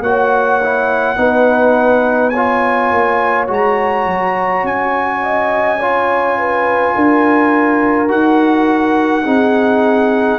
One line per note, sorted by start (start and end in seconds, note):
0.00 1.15 A#3
0.00 0.61 F#4
0.00 1.18 C#5
0.00 2.30 F#5
0.63 1.17 E4
1.17 2.91 B3
1.17 2.32 D#4
1.17 2.32 B4
2.30 5.21 C#5
2.30 3.45 G#5
2.36 3.48 F4
2.91 3.49 A#3
3.48 4.06 G#3
3.48 5.78 F#4
3.48 4.66 A#5
4.06 4.63 F#3
4.63 6.94 C#4
4.63 8.11 G#5
5.23 5.80 D#5
5.80 8.08 F4
5.80 6.37 C#5
6.38 6.95 B4
6.95 8.11 D4
6.95 9.25 A#4
8.08 9.25 D#4
8.08 9.24 F#4
8.08 10.39 F#5
9.25 10.39 C4
9.25 10.39 D#4
9.25 10.39 G#4